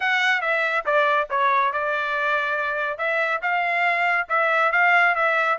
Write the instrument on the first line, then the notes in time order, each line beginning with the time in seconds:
trumpet
0.00 F#5
0.41 E5
0.85 D5
1.30 C#5
1.72 D5
2.98 E5
3.42 F5
4.29 E5
4.72 F5
5.15 E5